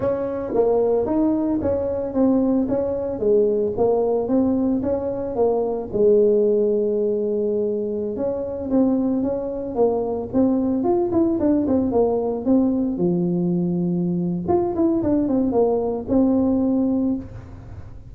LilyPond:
\new Staff \with { instrumentName = "tuba" } { \time 4/4 \tempo 4 = 112 cis'4 ais4 dis'4 cis'4 | c'4 cis'4 gis4 ais4 | c'4 cis'4 ais4 gis4~ | gis2.~ gis16 cis'8.~ |
cis'16 c'4 cis'4 ais4 c'8.~ | c'16 f'8 e'8 d'8 c'8 ais4 c'8.~ | c'16 f2~ f8. f'8 e'8 | d'8 c'8 ais4 c'2 | }